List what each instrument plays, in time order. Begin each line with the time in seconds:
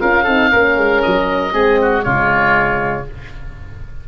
0.00 tuba C#4, horn F4, oboe A#4 F5
0.24 tuba C4, horn D#4, oboe A4
0.51 tuba A#3, horn C#4, oboe A#4
0.77 tuba G#3
1.02 tuba F#3, oboe D#5
1.52 tuba G#3, horn C4, oboe G#4
1.82 oboe F#4
2.03 tuba C#3, horn G#3, oboe F4 C#5